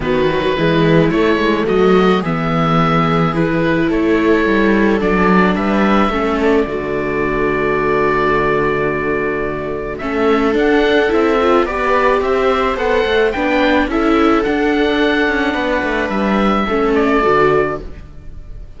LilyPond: <<
  \new Staff \with { instrumentName = "oboe" } { \time 4/4 \tempo 4 = 108 b'2 cis''4 dis''4 | e''2 b'4 cis''4~ | cis''4 d''4 e''4. d''8~ | d''1~ |
d''2 e''4 fis''4 | e''4 d''4 e''4 fis''4 | g''4 e''4 fis''2~ | fis''4 e''4. d''4. | }
  \new Staff \with { instrumentName = "viola" } { \time 4/4 fis'4 e'2 fis'4 | gis'2. a'4~ | a'2 b'4 a'4 | fis'1~ |
fis'2 a'2~ | a'4 b'4 c''2 | b'4 a'2. | b'2 a'2 | }
  \new Staff \with { instrumentName = "viola" } { \time 4/4 b8 fis8 gis4 a2 | b2 e'2~ | e'4 d'2 cis'4 | a1~ |
a2 cis'4 d'4 | e'8 f'8 g'2 a'4 | d'4 e'4 d'2~ | d'2 cis'4 fis'4 | }
  \new Staff \with { instrumentName = "cello" } { \time 4/4 dis4 e4 a8 gis8 fis4 | e2. a4 | g4 fis4 g4 a4 | d1~ |
d2 a4 d'4 | c'4 b4 c'4 b8 a8 | b4 cis'4 d'4. cis'8 | b8 a8 g4 a4 d4 | }
>>